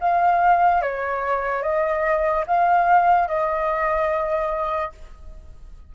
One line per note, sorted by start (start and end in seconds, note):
0.00 0.81 F5
0.81 1.63 C#5
1.63 2.45 D#5
2.47 3.28 F5
3.28 4.92 D#5